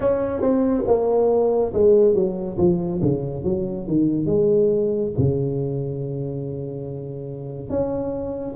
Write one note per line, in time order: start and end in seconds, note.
0.00 0.41 C#4
0.41 0.84 C4
0.87 1.73 A#3
1.73 2.14 G#3
2.14 2.57 F#3
2.57 3.00 F3
3.02 3.44 C#3
3.44 3.86 F#3
3.87 4.26 D#3
4.26 5.12 G#3
5.17 7.69 C#3
7.69 8.55 C#4